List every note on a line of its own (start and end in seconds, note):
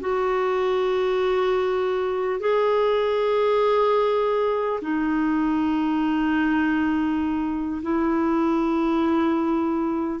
0.00 2.39 F#4
2.39 4.79 G#4
4.81 7.81 D#4
7.82 10.20 E4